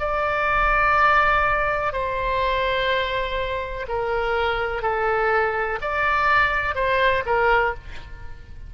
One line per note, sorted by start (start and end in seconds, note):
0.00 1.93 D5
1.93 3.87 C5
3.88 4.83 A#4
4.83 5.79 A4
5.82 6.76 D5
6.76 7.24 C5
7.26 7.75 A#4